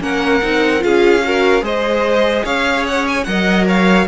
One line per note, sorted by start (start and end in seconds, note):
0.00 0.41 A#3
0.00 0.41 C#4
0.00 0.84 A#4
0.00 0.83 F#5
0.42 0.84 C4
0.42 0.79 D#4
0.79 1.62 C#4
0.79 1.20 F4
0.79 1.25 G#4
0.79 1.64 F5
1.24 1.61 F#4
1.24 1.64 A#4
1.61 2.43 G#3
1.61 3.23 G#4
1.61 2.44 C5
1.61 2.45 D#5
2.44 3.26 C#4
2.44 3.25 C#5
2.44 2.85 F5
2.86 3.06 F#5
3.08 3.24 G#5
3.24 4.07 F#3
3.24 4.07 A#4
3.24 3.67 D#5
3.24 3.65 F#5
3.67 4.07 C#5
3.67 4.07 F5